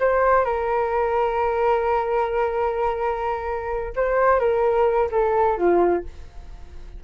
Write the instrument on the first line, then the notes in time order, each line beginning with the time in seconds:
flute
0.00 C5
0.45 A#4
3.96 C5
4.39 A#4
5.11 A4
5.57 F4